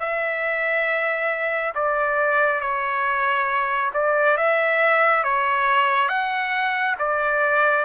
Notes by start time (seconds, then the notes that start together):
0.00 E5
1.75 D5
2.61 C#5
3.94 D5
4.38 E5
5.24 C#5
6.09 F#5
6.99 D5